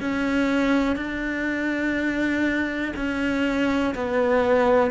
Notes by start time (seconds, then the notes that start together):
0.00 C#4
0.96 D4
2.96 C#4
3.94 B3